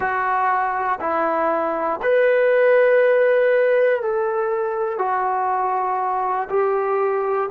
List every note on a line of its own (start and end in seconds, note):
0.00 0.99 F#4
1.00 2.00 E4
2.02 4.02 B4
4.02 4.98 A4
4.98 6.48 F#4
6.49 7.49 G4